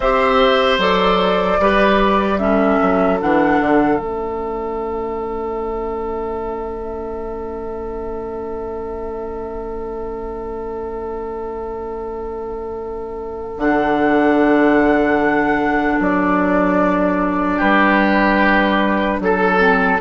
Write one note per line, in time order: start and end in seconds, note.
0.00 0.78 C4
0.00 0.79 G4
0.00 1.60 C5
0.00 0.79 E5
0.78 1.58 F#3
0.78 1.59 A4
0.78 2.38 D5
1.58 2.78 G3
1.58 2.38 G4
1.58 2.40 B4
2.38 3.18 C#4
2.38 17.57 A4
2.38 3.18 E5
2.81 3.21 F#3
3.20 3.59 E3
3.20 3.98 D4
3.20 3.99 F#5
3.59 3.99 D3
3.98 13.57 A3
3.98 13.58 C#4
3.98 13.59 E5
13.57 15.97 D3
13.57 19.58 D4
13.57 15.99 F#5
15.99 17.59 F#3
15.99 17.60 D5
17.57 19.20 G3
17.57 19.17 G4
17.57 19.20 B4
19.20 20.00 F#3
19.20 20.00 A4
19.58 19.98 C4